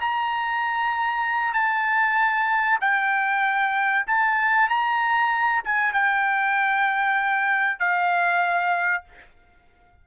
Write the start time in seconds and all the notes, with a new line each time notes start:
0.00 A#5
1.53 A5
2.81 G5
4.07 A5
4.68 A#5
5.64 G#5
5.93 G5
7.79 F5